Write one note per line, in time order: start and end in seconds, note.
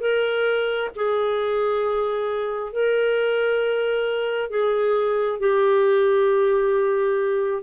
0.00 0.90 A#4
0.96 2.72 G#4
2.72 4.50 A#4
4.50 5.39 G#4
5.39 7.63 G4